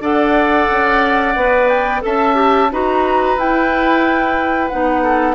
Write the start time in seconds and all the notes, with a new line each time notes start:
0.00 D4 A4 D5 F#5
0.70 C#4
1.36 B3 B4
1.68 G5
2.01 C#4 A4 E5 A5
2.35 G4
2.72 D#4 F#4 B4 A#5
3.36 E4 G5
4.68 B3 D#4 F#5
5.03 A4